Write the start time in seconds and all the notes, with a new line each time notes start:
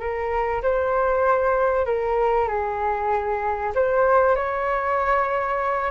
0.00 A#4
0.62 C5
1.86 A#4
2.48 G#4
3.75 C5
4.36 C#5